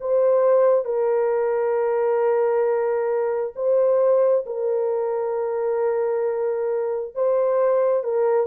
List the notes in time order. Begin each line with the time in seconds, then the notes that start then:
0.00 C5
0.85 A#4
3.55 C5
4.46 A#4
7.14 C5
8.04 A#4